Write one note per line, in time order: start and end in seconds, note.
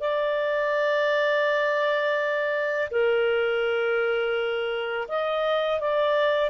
0.00 2.89 D5
2.90 5.07 A#4
5.08 5.80 D#5
5.80 6.50 D5